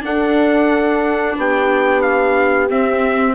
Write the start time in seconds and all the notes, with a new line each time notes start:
0.00 D4 A4 F#5
1.37 B3 G4 G5
2.01 F5
2.69 C4 E5